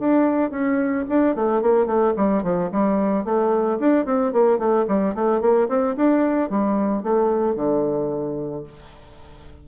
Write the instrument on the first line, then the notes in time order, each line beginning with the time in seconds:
bassoon
0.00 D4
0.51 C#4
1.09 D4
1.36 A3
1.62 A#3
1.87 A3
2.17 G3
2.43 F3
2.72 G3
3.25 A3
3.80 D4
4.06 C4
4.33 A#3
4.59 A3
4.88 G3
5.15 A3
5.41 A#3
5.69 C4
5.97 D4
6.50 G3
7.03 A3
7.56 D3